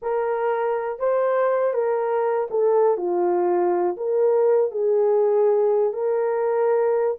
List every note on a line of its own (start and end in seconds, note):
0.02 0.99 A#4
0.99 1.73 C5
1.73 2.48 A#4
2.50 2.97 A4
2.97 3.96 F4
3.96 4.71 A#4
4.71 5.93 G#4
5.93 7.17 A#4